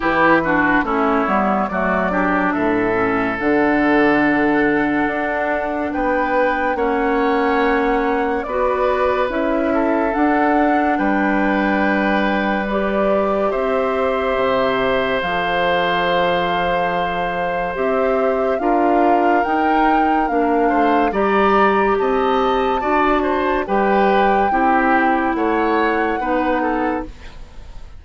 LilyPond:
<<
  \new Staff \with { instrumentName = "flute" } { \time 4/4 \tempo 4 = 71 b'4 cis''4 d''4 e''4 | fis''2. g''4 | fis''2 d''4 e''4 | fis''4 g''2 d''4 |
e''2 f''2~ | f''4 e''4 f''4 g''4 | f''4 ais''4 a''2 | g''2 fis''2 | }
  \new Staff \with { instrumentName = "oboe" } { \time 4/4 g'8 fis'8 e'4 fis'8 g'8 a'4~ | a'2. b'4 | cis''2 b'4. a'8~ | a'4 b'2. |
c''1~ | c''2 ais'2~ | ais'8 c''8 d''4 dis''4 d''8 c''8 | b'4 g'4 cis''4 b'8 a'8 | }
  \new Staff \with { instrumentName = "clarinet" } { \time 4/4 e'8 d'8 cis'8 b8 a8 d'4 cis'8 | d'1 | cis'2 fis'4 e'4 | d'2. g'4~ |
g'2 a'2~ | a'4 g'4 f'4 dis'4 | d'4 g'2 fis'4 | g'4 e'2 dis'4 | }
  \new Staff \with { instrumentName = "bassoon" } { \time 4/4 e4 a8 g8 fis4 a,4 | d2 d'4 b4 | ais2 b4 cis'4 | d'4 g2. |
c'4 c4 f2~ | f4 c'4 d'4 dis'4 | ais8 a8 g4 c'4 d'4 | g4 c'4 a4 b4 | }
>>